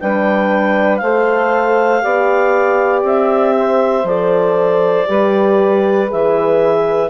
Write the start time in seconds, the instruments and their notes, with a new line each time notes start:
0.00 bassoon G3, horn D4, saxophone B4, clarinet G5
0.97 bassoon A3, saxophone C5, clarinet F5
1.03 horn A4
2.02 bassoon B3, horn G4, saxophone D5
3.03 bassoon C4, clarinet E5
3.57 saxophone C5
4.04 bassoon F3, horn A4, clarinet D5
5.07 bassoon G3, horn G4, saxophone B4
6.08 bassoon E3, horn G#4, clarinet E5